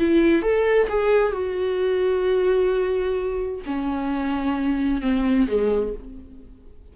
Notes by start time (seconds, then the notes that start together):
0.00 E4
0.43 A4
0.89 G#4
1.33 F#4
3.67 C#4
5.02 C4
5.48 G#3